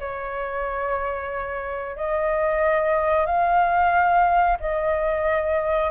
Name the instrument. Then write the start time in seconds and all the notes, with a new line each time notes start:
flute
0.00 C#5
1.97 D#5
3.26 F5
4.60 D#5